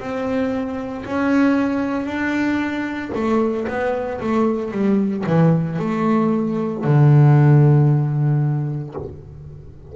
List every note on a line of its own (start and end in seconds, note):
0.00 1.05 C4
1.06 2.06 C#4
2.06 3.11 D4
3.15 3.68 A3
3.68 4.21 B3
4.21 4.72 A3
4.72 5.24 G3
5.27 5.79 E3
5.79 6.85 A3
6.85 8.95 D3